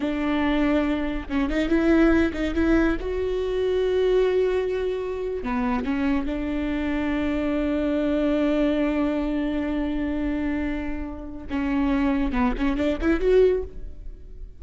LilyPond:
\new Staff \with { instrumentName = "viola" } { \time 4/4 \tempo 4 = 141 d'2. cis'8 dis'8 | e'4. dis'8 e'4 fis'4~ | fis'1~ | fis'8. b4 cis'4 d'4~ d'16~ |
d'1~ | d'1~ | d'2. cis'4~ | cis'4 b8 cis'8 d'8 e'8 fis'4 | }